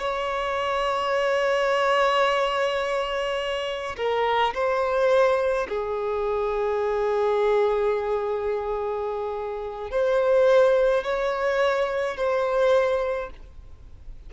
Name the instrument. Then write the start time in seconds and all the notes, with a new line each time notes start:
violin
0.00 C#5
3.97 A#4
4.54 C5
5.69 G#4
9.91 C5
11.04 C#5
12.17 C5